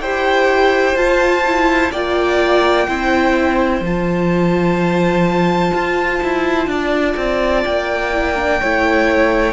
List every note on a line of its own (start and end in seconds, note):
0.00 0.95 E4
0.00 0.96 G4
0.00 1.92 C5
0.00 0.96 G5
0.96 1.43 F4
0.96 1.91 F4
0.96 1.92 A5
1.46 1.94 E4
1.92 2.88 A#3
1.92 2.89 F4
1.92 2.87 D5
1.92 3.83 G5
2.88 3.81 C4
2.88 3.84 E4
2.88 6.69 C5
3.81 5.71 F3
3.81 8.13 F4
3.81 7.65 A5
5.74 6.22 F4
6.23 6.67 E4
6.67 7.15 D4
6.67 8.60 D5
7.17 7.64 C4
7.65 8.61 A#3
7.65 9.53 G5
8.13 8.36 E4
8.36 8.60 D4
8.60 9.53 A3
8.60 9.53 E4
8.60 9.53 C#5